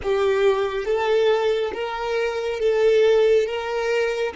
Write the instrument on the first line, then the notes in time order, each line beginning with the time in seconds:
violin
0.02 G4
0.85 A4
1.73 A#4
2.59 A4
3.46 A#4